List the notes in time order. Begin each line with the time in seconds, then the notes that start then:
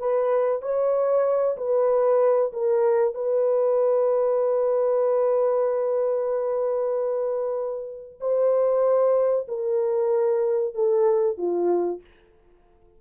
0.00 B4
0.63 C#5
1.58 B4
2.53 A#4
3.15 B4
8.21 C5
9.49 A#4
10.75 A4
11.38 F4